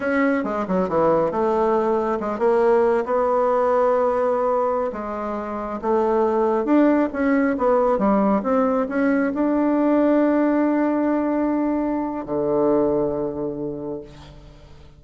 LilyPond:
\new Staff \with { instrumentName = "bassoon" } { \time 4/4 \tempo 4 = 137 cis'4 gis8 fis8 e4 a4~ | a4 gis8 ais4. b4~ | b2.~ b16 gis8.~ | gis4~ gis16 a2 d'8.~ |
d'16 cis'4 b4 g4 c'8.~ | c'16 cis'4 d'2~ d'8.~ | d'1 | d1 | }